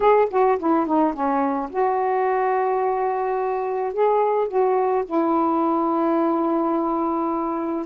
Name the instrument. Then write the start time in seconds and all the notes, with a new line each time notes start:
saxophone
0.00 G#4
0.30 F#4
0.58 E4
0.86 D#4
1.13 C#4
1.69 F#4
3.93 G#4
4.48 F#4
5.05 E4